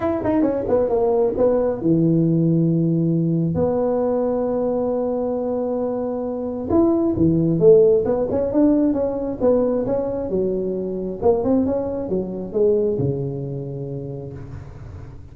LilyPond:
\new Staff \with { instrumentName = "tuba" } { \time 4/4 \tempo 4 = 134 e'8 dis'8 cis'8 b8 ais4 b4 | e1 | b1~ | b2. e'4 |
e4 a4 b8 cis'8 d'4 | cis'4 b4 cis'4 fis4~ | fis4 ais8 c'8 cis'4 fis4 | gis4 cis2. | }